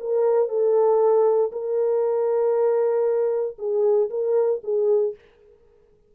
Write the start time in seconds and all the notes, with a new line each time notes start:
0.00 A#4
0.49 A4
1.52 A#4
3.58 G#4
4.10 A#4
4.64 G#4